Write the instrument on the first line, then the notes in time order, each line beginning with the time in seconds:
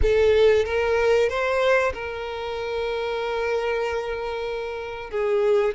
violin
0.02 A4
0.65 A#4
1.29 C5
1.93 A#4
5.10 G#4